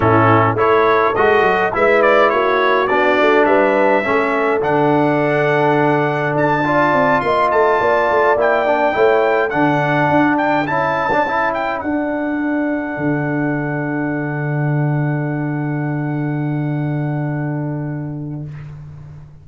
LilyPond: <<
  \new Staff \with { instrumentName = "trumpet" } { \time 4/4 \tempo 4 = 104 a'4 cis''4 dis''4 e''8 d''8 | cis''4 d''4 e''2 | fis''2. a''4~ | a''8 c'''8 a''4. g''4.~ |
g''8 fis''4. g''8 a''4. | g''8 fis''2.~ fis''8~ | fis''1~ | fis''1 | }
  \new Staff \with { instrumentName = "horn" } { \time 4/4 e'4 a'2 b'4 | fis'2 b'4 a'4~ | a'2.~ a'8 d''8~ | d''8 dis''4 d''2 cis''8~ |
cis''8 a'2.~ a'8~ | a'1~ | a'1~ | a'1 | }
  \new Staff \with { instrumentName = "trombone" } { \time 4/4 cis'4 e'4 fis'4 e'4~ | e'4 d'2 cis'4 | d'2.~ d'8 f'8~ | f'2~ f'8 e'8 d'8 e'8~ |
e'8 d'2 e'8. d'16 e'8~ | e'8 d'2.~ d'8~ | d'1~ | d'1 | }
  \new Staff \with { instrumentName = "tuba" } { \time 4/4 a,4 a4 gis8 fis8 gis4 | ais4 b8 a8 g4 a4 | d2. d'4 | c'8 ais8 a8 ais8 a8 ais4 a8~ |
a8 d4 d'4 cis'4.~ | cis'8 d'2 d4.~ | d1~ | d1 | }
>>